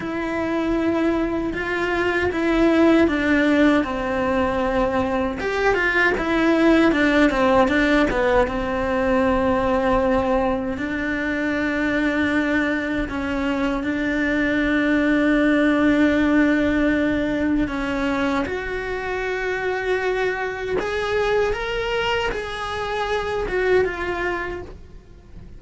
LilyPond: \new Staff \with { instrumentName = "cello" } { \time 4/4 \tempo 4 = 78 e'2 f'4 e'4 | d'4 c'2 g'8 f'8 | e'4 d'8 c'8 d'8 b8 c'4~ | c'2 d'2~ |
d'4 cis'4 d'2~ | d'2. cis'4 | fis'2. gis'4 | ais'4 gis'4. fis'8 f'4 | }